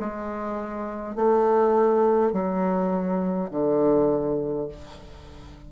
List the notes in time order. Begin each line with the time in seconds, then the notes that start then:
0.00 G#3
1.16 A3
2.33 F#3
3.51 D3